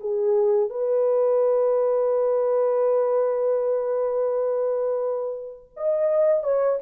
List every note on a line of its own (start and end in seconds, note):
0.00 0.69 G#4
0.69 5.69 B4
5.76 6.43 D#5
6.43 6.79 C#5